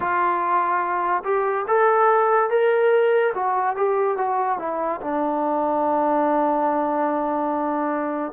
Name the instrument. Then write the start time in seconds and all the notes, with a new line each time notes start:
trombone
0.00 F4
1.23 G4
1.67 A4
2.50 A#4
3.34 F#4
3.75 G4
4.17 F#4
4.58 E4
5.01 D4